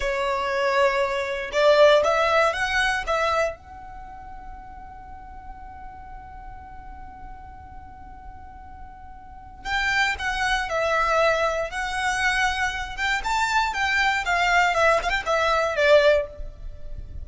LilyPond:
\new Staff \with { instrumentName = "violin" } { \time 4/4 \tempo 4 = 118 cis''2. d''4 | e''4 fis''4 e''4 fis''4~ | fis''1~ | fis''1~ |
fis''2. g''4 | fis''4 e''2 fis''4~ | fis''4. g''8 a''4 g''4 | f''4 e''8 f''16 g''16 e''4 d''4 | }